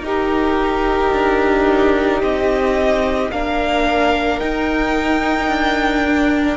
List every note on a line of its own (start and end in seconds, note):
0.00 1.09 D#4
0.00 3.30 D#4
0.00 3.31 G4
0.00 2.22 A#4
1.13 2.22 D4
2.22 3.31 C4
2.22 3.31 D#5
3.31 4.40 A#3
3.31 4.40 D4
3.31 6.57 A#4
3.31 4.40 F5
4.40 6.04 D#4
4.40 5.48 D#4
4.40 6.57 G5
5.48 6.57 D4
6.06 6.57 D4